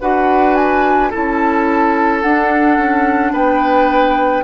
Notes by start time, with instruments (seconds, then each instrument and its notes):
0.00 bassoon D4, clarinet F#4, oboe B4, flute F#5
0.55 flute G#5
1.09 clarinet E4, oboe A4, flute A5
1.16 bassoon C#4
2.21 clarinet D4, bassoon D4, flute F#5
2.77 bassoon C#4
3.32 bassoon B3, oboe B4, flute G5